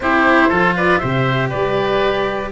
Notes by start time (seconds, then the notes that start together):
0.00 C4 E4 G4 C5
0.49 F3 F4 A4
0.76 B4 D5
0.98 C3 G4 C5 E5
1.49 G3 B4 D5